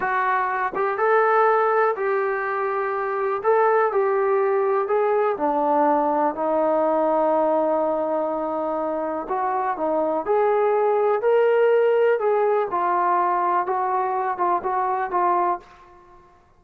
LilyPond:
\new Staff \with { instrumentName = "trombone" } { \time 4/4 \tempo 4 = 123 fis'4. g'8 a'2 | g'2. a'4 | g'2 gis'4 d'4~ | d'4 dis'2.~ |
dis'2. fis'4 | dis'4 gis'2 ais'4~ | ais'4 gis'4 f'2 | fis'4. f'8 fis'4 f'4 | }